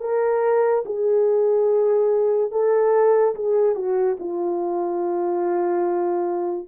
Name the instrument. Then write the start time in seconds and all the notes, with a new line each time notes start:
horn
0.00 A#4
0.85 G#4
2.51 A4
3.34 G#4
3.75 F#4
4.19 F4